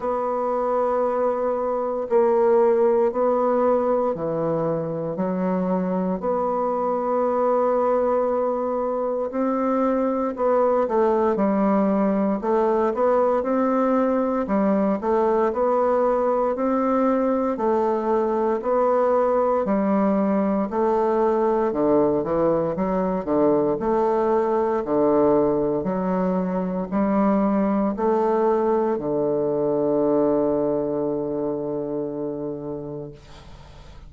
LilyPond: \new Staff \with { instrumentName = "bassoon" } { \time 4/4 \tempo 4 = 58 b2 ais4 b4 | e4 fis4 b2~ | b4 c'4 b8 a8 g4 | a8 b8 c'4 g8 a8 b4 |
c'4 a4 b4 g4 | a4 d8 e8 fis8 d8 a4 | d4 fis4 g4 a4 | d1 | }